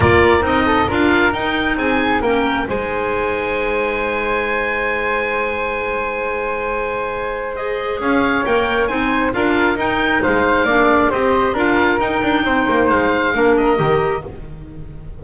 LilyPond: <<
  \new Staff \with { instrumentName = "oboe" } { \time 4/4 \tempo 4 = 135 d''4 dis''4 f''4 g''4 | gis''4 g''4 gis''2~ | gis''1~ | gis''1~ |
gis''4 dis''4 f''4 g''4 | gis''4 f''4 g''4 f''4~ | f''4 dis''4 f''4 g''4~ | g''4 f''4. dis''4. | }
  \new Staff \with { instrumentName = "flute" } { \time 4/4 ais'4. a'8 ais'2 | gis'4 ais'4 c''2~ | c''1~ | c''1~ |
c''2 cis''2 | c''4 ais'2 c''4 | d''4 c''4 ais'2 | c''2 ais'2 | }
  \new Staff \with { instrumentName = "clarinet" } { \time 4/4 f'4 dis'4 f'4 dis'4~ | dis'4 cis'4 dis'2~ | dis'1~ | dis'1~ |
dis'4 gis'2 ais'4 | dis'4 f'4 dis'2 | d'4 g'4 f'4 dis'4~ | dis'2 d'4 g'4 | }
  \new Staff \with { instrumentName = "double bass" } { \time 4/4 ais4 c'4 d'4 dis'4 | c'4 ais4 gis2~ | gis1~ | gis1~ |
gis2 cis'4 ais4 | c'4 d'4 dis'4 gis4 | ais4 c'4 d'4 dis'8 d'8 | c'8 ais8 gis4 ais4 dis4 | }
>>